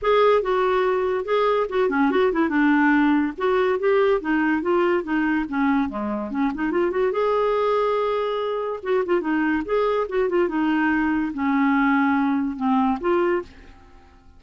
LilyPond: \new Staff \with { instrumentName = "clarinet" } { \time 4/4 \tempo 4 = 143 gis'4 fis'2 gis'4 | fis'8 cis'8 fis'8 e'8 d'2 | fis'4 g'4 dis'4 f'4 | dis'4 cis'4 gis4 cis'8 dis'8 |
f'8 fis'8 gis'2.~ | gis'4 fis'8 f'8 dis'4 gis'4 | fis'8 f'8 dis'2 cis'4~ | cis'2 c'4 f'4 | }